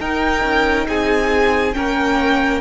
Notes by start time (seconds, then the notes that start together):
0.00 D#4 A#4 G5
0.43 C#4
0.87 C4 G#4 G#5
1.74 A#3 C#4 A#4 G5